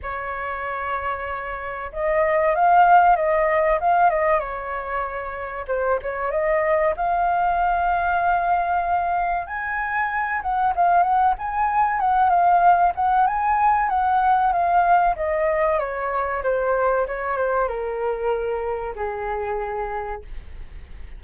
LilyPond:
\new Staff \with { instrumentName = "flute" } { \time 4/4 \tempo 4 = 95 cis''2. dis''4 | f''4 dis''4 f''8 dis''8 cis''4~ | cis''4 c''8 cis''8 dis''4 f''4~ | f''2. gis''4~ |
gis''8 fis''8 f''8 fis''8 gis''4 fis''8 f''8~ | f''8 fis''8 gis''4 fis''4 f''4 | dis''4 cis''4 c''4 cis''8 c''8 | ais'2 gis'2 | }